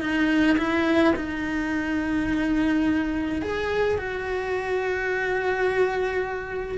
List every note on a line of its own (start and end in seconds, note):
0.00 0.57 D#4
0.57 1.14 E4
1.16 3.42 D#4
3.42 3.98 G#4
3.98 6.78 F#4